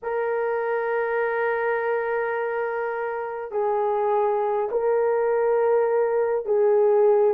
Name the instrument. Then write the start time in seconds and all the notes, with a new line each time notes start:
horn
0.02 A#4
3.51 G#4
4.71 A#4
6.45 G#4